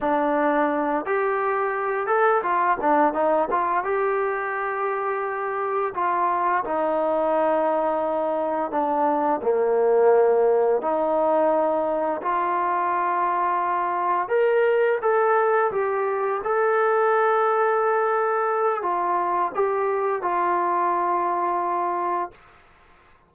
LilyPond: \new Staff \with { instrumentName = "trombone" } { \time 4/4 \tempo 4 = 86 d'4. g'4. a'8 f'8 | d'8 dis'8 f'8 g'2~ g'8~ | g'8 f'4 dis'2~ dis'8~ | dis'8 d'4 ais2 dis'8~ |
dis'4. f'2~ f'8~ | f'8 ais'4 a'4 g'4 a'8~ | a'2. f'4 | g'4 f'2. | }